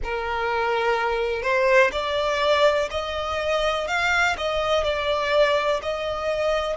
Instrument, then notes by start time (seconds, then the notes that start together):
violin
0.03 A#4
1.42 C5
1.91 D5
2.90 D#5
3.87 F5
4.37 D#5
4.83 D5
5.82 D#5